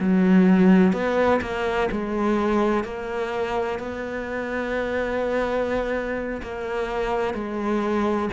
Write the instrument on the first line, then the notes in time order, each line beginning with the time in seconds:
cello
0.00 F#3
0.93 B3
1.42 A#3
1.92 G#3
2.84 A#3
3.79 B3
6.42 A#3
7.34 G#3